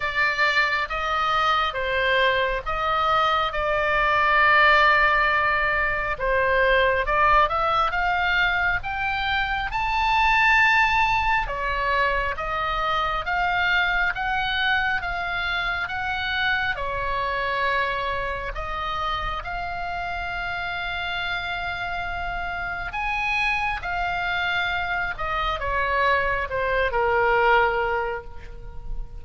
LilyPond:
\new Staff \with { instrumentName = "oboe" } { \time 4/4 \tempo 4 = 68 d''4 dis''4 c''4 dis''4 | d''2. c''4 | d''8 e''8 f''4 g''4 a''4~ | a''4 cis''4 dis''4 f''4 |
fis''4 f''4 fis''4 cis''4~ | cis''4 dis''4 f''2~ | f''2 gis''4 f''4~ | f''8 dis''8 cis''4 c''8 ais'4. | }